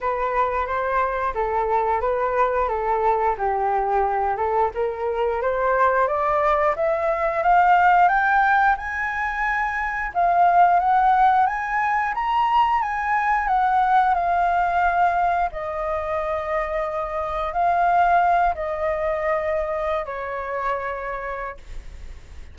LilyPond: \new Staff \with { instrumentName = "flute" } { \time 4/4 \tempo 4 = 89 b'4 c''4 a'4 b'4 | a'4 g'4. a'8 ais'4 | c''4 d''4 e''4 f''4 | g''4 gis''2 f''4 |
fis''4 gis''4 ais''4 gis''4 | fis''4 f''2 dis''4~ | dis''2 f''4. dis''8~ | dis''4.~ dis''16 cis''2~ cis''16 | }